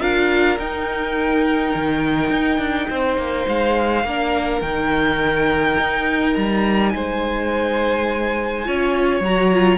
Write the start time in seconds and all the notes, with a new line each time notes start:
0.00 D4 F4 A#4 F5
0.59 D#4 G5
1.75 D#3
2.30 D#4
2.58 D4
2.90 C4 C5
3.17 A#3
3.48 G#3 F5
4.04 A#3 D4 A#4
4.61 D#3 D#4 G5
5.78 D#4
6.34 G3 A#5
6.89 G#3 G#5
6.95 C5
8.65 C#4 F4 C#5
9.20 F#3 F#4 A#5
9.53 F4